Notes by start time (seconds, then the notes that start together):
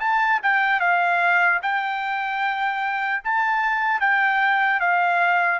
0.00 A5
0.43 G5
0.80 F5
1.62 G5
3.24 A5
4.00 G5
4.80 F5